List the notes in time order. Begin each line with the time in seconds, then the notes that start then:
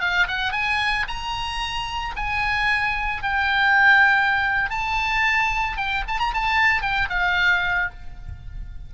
0.00 F5
0.27 F#5
0.52 G#5
1.08 A#5
2.16 G#5
3.22 G5
4.70 A5
5.77 G5
6.07 A5
6.19 A#5
6.33 A5
6.81 G5
7.09 F5